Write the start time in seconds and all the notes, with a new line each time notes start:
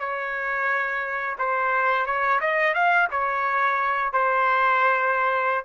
0.00 C#5
1.39 C5
2.06 C#5
2.41 D#5
2.75 F5
3.12 C#5
4.13 C5